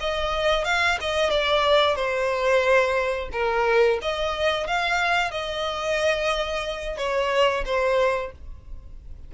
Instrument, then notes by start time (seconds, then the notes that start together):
violin
0.00 D#5
0.65 F5
1.01 D#5
1.30 D5
1.95 C5
3.32 A#4
4.02 D#5
4.67 F5
5.31 D#5
6.98 C#5
7.65 C5